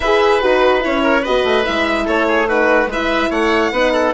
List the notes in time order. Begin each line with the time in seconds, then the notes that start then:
0.00 E4 G#4 B4 E5
0.40 D#4 F#4 B4
0.80 C#4 E4 C#5
1.03 A#4
1.21 B3 F#4 B4 D#5
1.43 A3
1.63 G#3 E4 E5
2.04 A3 A4 C#5
2.27 G#4
2.47 D#4 F#4 B4
2.86 G#3 E4 B4
2.92 E5
3.30 A3 C#5 F#5
3.71 B3 D#4 B4
3.92 A4